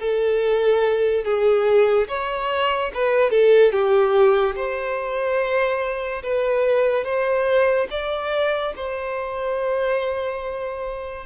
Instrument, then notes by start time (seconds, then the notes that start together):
violin
0.00 A4
1.25 G#4
2.09 C#5
2.94 B4
3.31 A4
3.72 G4
4.56 C5
6.23 B4
7.05 C5
7.91 D5
8.77 C5